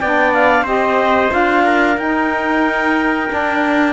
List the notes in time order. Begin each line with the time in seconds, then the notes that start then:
0.00 B3 D4 D5 G5
0.34 F5
0.62 C4 G4 C5 D#5
1.30 D4 F4 F5
1.64 A#4
1.98 D#4 G5
3.30 D4